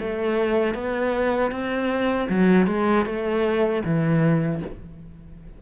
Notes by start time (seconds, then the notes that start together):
0.00 A3
0.74 B3
1.51 C4
2.29 F#3
2.67 G#3
3.06 A3
3.85 E3